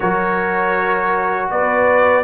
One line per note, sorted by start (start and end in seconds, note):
0.00 1.50 F#3
0.00 2.24 F#4
0.00 1.50 A#4
0.00 1.49 C#5
1.50 2.24 B3
1.50 2.24 B4
1.50 2.24 D5